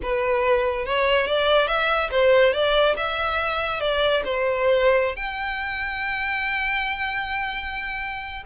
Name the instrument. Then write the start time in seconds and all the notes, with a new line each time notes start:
violin
0.02 B4
0.85 C#5
1.26 D5
1.67 E5
2.10 C5
2.53 D5
2.97 E5
3.80 D5
4.24 C5
5.16 G5